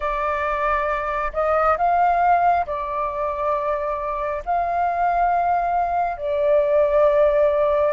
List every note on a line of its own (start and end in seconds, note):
0.00 1.32 D5
1.33 1.77 D#5
1.77 2.66 F5
2.66 4.42 D5
4.45 6.17 F5
6.17 7.93 D5